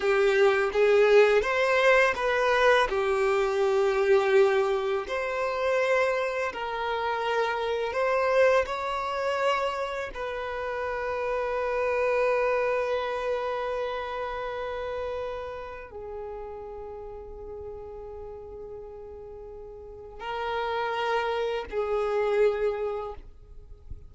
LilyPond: \new Staff \with { instrumentName = "violin" } { \time 4/4 \tempo 4 = 83 g'4 gis'4 c''4 b'4 | g'2. c''4~ | c''4 ais'2 c''4 | cis''2 b'2~ |
b'1~ | b'2 gis'2~ | gis'1 | ais'2 gis'2 | }